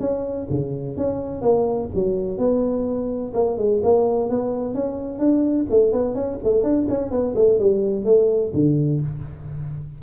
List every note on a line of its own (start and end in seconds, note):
0.00 0.47 C#4
0.50 0.97 C#3
0.97 1.42 C#4
1.42 1.89 A#3
1.95 2.38 F#3
2.38 3.33 B3
3.34 3.58 A#3
3.58 3.81 G#3
3.83 4.30 A#3
4.30 4.74 B3
4.74 5.19 C#4
5.19 5.66 D4
5.70 5.92 A3
5.92 6.15 B3
6.15 6.38 C#4
6.43 6.63 A3
6.63 6.87 D4
6.89 7.11 C#4
7.11 7.35 B3
7.36 7.59 A3
7.59 8.05 G3
8.05 8.52 A3
8.54 9.01 D3